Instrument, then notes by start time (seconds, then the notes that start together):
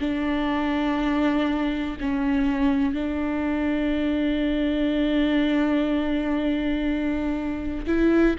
viola
0.00 D4
2.00 C#4
2.94 D4
7.87 E4